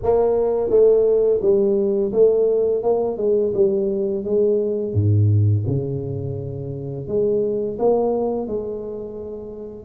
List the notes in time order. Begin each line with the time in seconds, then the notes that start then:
0.02 A#3
0.70 A3
1.41 G3
2.12 A3
2.82 A#3
3.17 G#3
3.54 G3
4.24 G#3
4.93 G#2
5.66 C#3
7.07 G#3
7.78 A#3
8.47 G#3